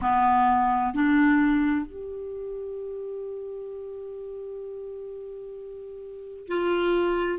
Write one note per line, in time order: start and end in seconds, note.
0.01 0.94 B3
0.94 1.85 D4
1.85 6.47 G4
6.47 7.39 F4